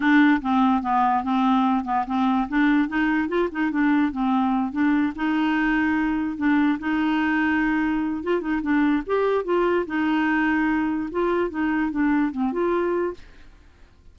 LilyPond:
\new Staff \with { instrumentName = "clarinet" } { \time 4/4 \tempo 4 = 146 d'4 c'4 b4 c'4~ | c'8 b8 c'4 d'4 dis'4 | f'8 dis'8 d'4 c'4. d'8~ | d'8 dis'2. d'8~ |
d'8 dis'2.~ dis'8 | f'8 dis'8 d'4 g'4 f'4 | dis'2. f'4 | dis'4 d'4 c'8 f'4. | }